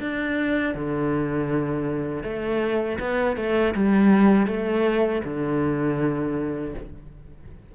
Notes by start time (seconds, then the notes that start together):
0.00 D4
0.74 D3
2.23 A3
2.99 B3
3.36 A3
3.74 G3
4.47 A3
5.24 D3